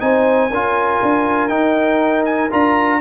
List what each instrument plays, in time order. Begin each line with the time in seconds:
0.00 tuba C4, trombone D#4, horn C5, trumpet G#5
0.51 tuba C#4, trombone F4, horn A#4
1.02 tuba D4
1.48 tuba D#4, trombone D#4, trumpet G5
2.25 trumpet G#5
2.51 tuba D4, trombone F4, trumpet A#5